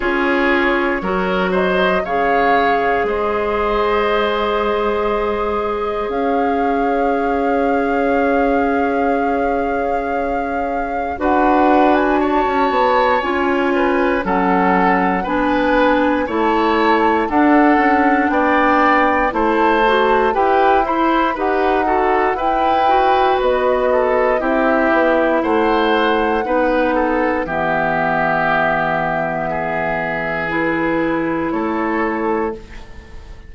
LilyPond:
<<
  \new Staff \with { instrumentName = "flute" } { \time 4/4 \tempo 4 = 59 cis''4. dis''8 f''4 dis''4~ | dis''2 f''2~ | f''2. fis''8. gis''16 | a''4 gis''4 fis''4 gis''4 |
a''4 fis''4 g''4 a''4 | g''8 b''8 fis''4 g''4 dis''4 | e''4 fis''2 e''4~ | e''2 b'4 cis''4 | }
  \new Staff \with { instrumentName = "oboe" } { \time 4/4 gis'4 ais'8 c''8 cis''4 c''4~ | c''2 cis''2~ | cis''2. b'4 | cis''4. b'8 a'4 b'4 |
cis''4 a'4 d''4 c''4 | b'8 c''8 b'8 a'8 b'4. a'8 | g'4 c''4 b'8 a'8 g'4~ | g'4 gis'2 a'4 | }
  \new Staff \with { instrumentName = "clarinet" } { \time 4/4 f'4 fis'4 gis'2~ | gis'1~ | gis'2. fis'4~ | fis'4 f'4 cis'4 d'4 |
e'4 d'2 e'8 fis'8 | g'8 e'8 g'8 fis'8 e'8 fis'4. | e'2 dis'4 b4~ | b2 e'2 | }
  \new Staff \with { instrumentName = "bassoon" } { \time 4/4 cis'4 fis4 cis4 gis4~ | gis2 cis'2~ | cis'2. d'4~ | d'16 cis'16 b8 cis'4 fis4 b4 |
a4 d'8 cis'8 b4 a4 | e'4 dis'4 e'4 b4 | c'8 b8 a4 b4 e4~ | e2. a4 | }
>>